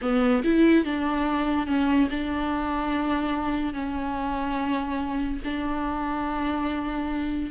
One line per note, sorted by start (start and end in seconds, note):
0.01 0.43 B3
0.44 0.84 E4
0.84 1.66 D4
1.66 2.08 C#4
2.10 3.73 D4
3.73 5.40 C#4
5.44 7.51 D4